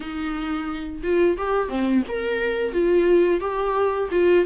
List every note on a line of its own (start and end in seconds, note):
0.00 1.02 D#4
1.03 1.37 F4
1.37 1.68 G4
1.68 2.02 C4
2.08 2.72 A#4
2.72 3.40 F4
3.40 4.08 G4
4.11 4.45 F4